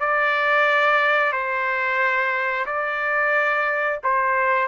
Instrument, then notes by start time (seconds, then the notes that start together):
trumpet
0.00 D5
1.32 C5
2.66 D5
4.03 C5